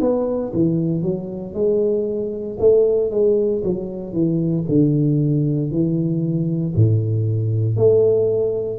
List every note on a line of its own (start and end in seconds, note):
0.00 0.52 B3
0.53 1.02 E3
1.02 1.53 F#3
1.53 2.57 G#3
2.59 3.10 A3
3.10 3.62 G#3
3.63 4.12 F#3
4.12 4.64 E3
4.68 5.71 D3
5.71 6.74 E3
6.75 7.76 A2
7.76 8.79 A3